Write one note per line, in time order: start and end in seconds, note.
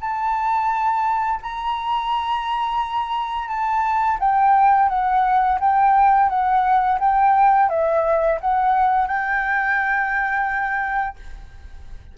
0.00 1.40 A5
1.42 3.48 A#5
3.48 4.17 A5
4.19 4.89 G5
4.89 5.58 F#5
5.60 6.29 G5
6.29 6.99 F#5
6.99 7.69 G5
7.69 8.39 E5
8.40 9.07 F#5
9.07 11.16 G5